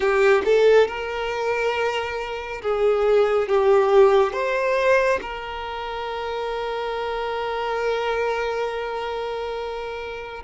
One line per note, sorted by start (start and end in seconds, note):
0.00 0.42 G4
0.44 0.87 A4
0.87 2.61 A#4
2.62 3.48 G#4
3.48 4.32 G4
4.32 5.19 C5
5.21 10.43 A#4